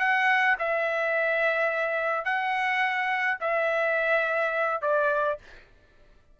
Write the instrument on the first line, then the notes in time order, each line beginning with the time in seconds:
trumpet
0.00 F#5
0.59 E5
2.25 F#5
3.41 E5
4.82 D5